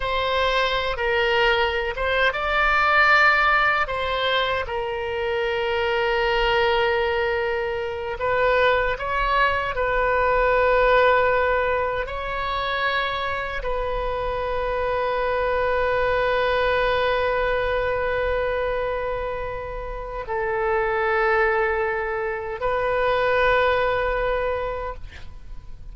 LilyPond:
\new Staff \with { instrumentName = "oboe" } { \time 4/4 \tempo 4 = 77 c''4~ c''16 ais'4~ ais'16 c''8 d''4~ | d''4 c''4 ais'2~ | ais'2~ ais'8 b'4 cis''8~ | cis''8 b'2. cis''8~ |
cis''4. b'2~ b'8~ | b'1~ | b'2 a'2~ | a'4 b'2. | }